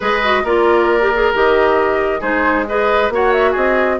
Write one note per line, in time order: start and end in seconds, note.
0.00 0.43 G#3
0.00 0.23 G#4
0.00 0.43 B4
0.00 0.45 D#5
0.23 0.45 F#4
0.43 1.32 A#3
0.43 1.01 F4
0.43 2.20 A#4
0.43 1.34 D5
1.01 1.12 G4
1.14 1.33 G#4
1.33 2.21 D#3
1.33 2.21 G4
1.33 2.21 D#5
2.20 3.09 G#3
2.20 2.65 D#4
2.20 2.65 G#4
2.20 2.66 C5
2.67 3.11 G#4
2.67 3.13 B4
2.67 3.11 D#5
3.09 3.53 A#3
3.09 4.00 F#4
3.09 3.51 C#5
3.09 3.32 F#5
3.32 3.54 E5
3.51 4.00 C4
3.51 3.95 G#4
3.51 3.99 D#5